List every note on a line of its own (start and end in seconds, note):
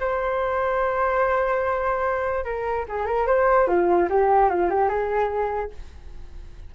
0.00 2.44 C5
2.44 2.85 A#4
2.88 3.06 G#4
3.06 3.26 A#4
3.27 3.67 C5
3.67 4.08 F4
4.09 4.49 G4
4.49 4.70 F4
4.70 4.89 G4
4.89 5.70 G#4